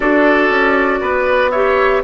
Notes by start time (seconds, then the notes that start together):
0.00 D4 F#4 A4 D5
0.49 C#4
1.01 B3 B4
1.50 G4 C#5 E5